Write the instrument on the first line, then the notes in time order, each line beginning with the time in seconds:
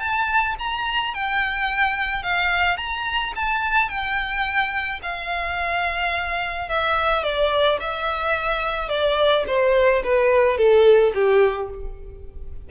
violin
0.00 A5
0.59 A#5
1.14 G5
2.23 F5
2.78 A#5
3.36 A5
3.89 G5
5.03 F5
6.69 E5
7.23 D5
7.80 E5
8.89 D5
9.47 C5
10.04 B4
10.58 A4
11.14 G4